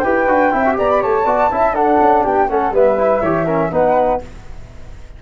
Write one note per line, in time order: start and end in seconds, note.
0.00 0.27 E4
0.00 0.27 G4
0.00 0.52 B4
0.00 0.74 G5
0.27 0.52 D4
0.27 0.51 F#4
0.51 0.78 C4
0.51 0.64 E4
0.51 0.77 E5
0.65 0.73 F#4
0.73 1.03 B3
0.73 1.22 G4
0.73 1.02 D5
0.73 0.89 A#5
0.89 1.02 B5
1.02 1.25 A3
1.02 1.25 C#5
1.02 1.75 A5
1.25 1.50 B3
1.25 1.50 F#4
1.25 1.50 D5
1.51 1.72 C#4
1.51 1.75 E4
1.51 1.74 E5
1.72 1.97 D4
1.72 2.48 D4
1.72 2.23 A4
1.72 2.24 F#5
2.00 2.25 C#4
2.23 2.49 B3
2.23 2.48 G4
2.23 2.49 G5
2.48 2.71 A3
2.48 2.73 C#4
2.48 2.74 A4
2.48 2.73 F#5
2.71 3.21 G3
2.71 2.98 B3
2.71 3.21 B4
2.71 3.73 E5
2.98 3.22 E4
3.21 3.70 E3
3.21 3.47 G4
3.21 3.45 C#5
3.45 3.71 C#4
3.45 3.69 A#4
3.71 4.20 B3
3.71 4.21 D#4
3.71 4.22 B4
3.71 4.22 F#5